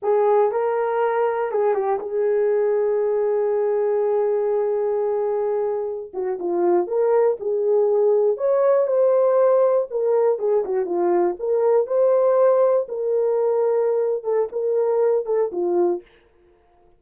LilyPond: \new Staff \with { instrumentName = "horn" } { \time 4/4 \tempo 4 = 120 gis'4 ais'2 gis'8 g'8 | gis'1~ | gis'1~ | gis'16 fis'8 f'4 ais'4 gis'4~ gis'16~ |
gis'8. cis''4 c''2 ais'16~ | ais'8. gis'8 fis'8 f'4 ais'4 c''16~ | c''4.~ c''16 ais'2~ ais'16~ | ais'8 a'8 ais'4. a'8 f'4 | }